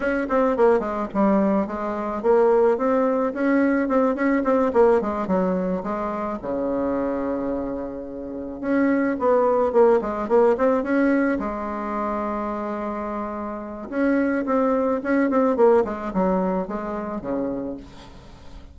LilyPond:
\new Staff \with { instrumentName = "bassoon" } { \time 4/4 \tempo 4 = 108 cis'8 c'8 ais8 gis8 g4 gis4 | ais4 c'4 cis'4 c'8 cis'8 | c'8 ais8 gis8 fis4 gis4 cis8~ | cis2.~ cis8 cis'8~ |
cis'8 b4 ais8 gis8 ais8 c'8 cis'8~ | cis'8 gis2.~ gis8~ | gis4 cis'4 c'4 cis'8 c'8 | ais8 gis8 fis4 gis4 cis4 | }